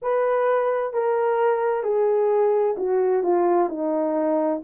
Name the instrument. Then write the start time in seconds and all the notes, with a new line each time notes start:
horn
0.02 B4
0.93 A#4
1.83 G#4
2.77 F#4
3.23 F4
3.69 D#4